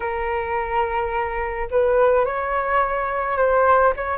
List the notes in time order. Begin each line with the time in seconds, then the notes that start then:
0.00 A#4
1.70 B4
2.25 C#5
3.37 C5
3.96 C#5